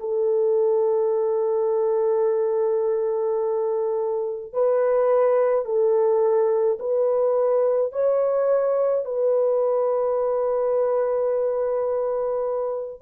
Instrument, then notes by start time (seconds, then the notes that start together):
horn
0.00 A4
4.53 B4
5.65 A4
6.79 B4
7.92 C#5
9.05 B4